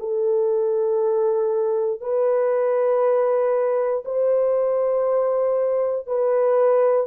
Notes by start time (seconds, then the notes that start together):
0.00 A4
2.01 B4
4.05 C5
6.07 B4